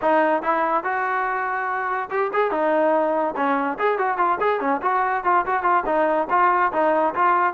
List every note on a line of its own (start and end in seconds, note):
0.01 0.42 D#4
0.42 0.83 E4
0.83 2.09 F#4
2.10 2.31 G4
2.33 2.51 G#4
2.51 3.35 D#4
3.36 3.78 C#4
3.78 3.98 G#4
3.98 4.17 F#4
4.17 4.38 F4
4.40 4.60 G#4
4.60 4.81 C#4
4.82 5.24 F#4
5.24 5.45 F4
5.45 5.62 F#4
5.62 5.83 F4
5.86 6.28 D#4
6.30 6.72 F4
6.72 7.14 D#4
7.14 7.53 F4